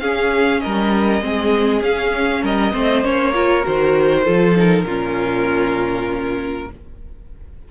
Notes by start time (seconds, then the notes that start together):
0.00 C#4 G#4 F5
0.61 G3 A#4 D#5
1.22 G#3 C4 G#4
1.81 C#4 F5
2.43 G3 A#4 D#5
2.73 A3 C4 C5
3.03 A#3 C#4 C#5
3.34 F4 A#4
3.63 D#3 F#4 C5
4.24 F3 F4 A4
4.56 D#4 A#4
4.84 A#2 C#4 F4